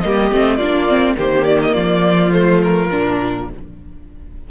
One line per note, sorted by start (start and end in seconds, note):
0.00 0.31 G3
0.00 0.31 A#3
0.00 0.57 G4
0.00 0.56 D#5
0.31 0.58 A3
0.31 0.60 C4
0.56 1.16 A#3
0.56 0.88 D4
0.56 1.15 F4
0.56 1.14 D5
0.88 1.17 C4
1.17 1.75 D#3
1.17 2.31 A#3
1.17 1.74 G4
1.17 1.44 C5
1.44 1.59 D5
1.62 1.73 D#5
1.73 2.90 F3
1.73 3.47 F4
1.73 2.31 D5
2.31 2.89 A3
2.31 2.61 C5
2.63 3.50 A#4
2.90 3.50 A#2
2.90 3.48 D4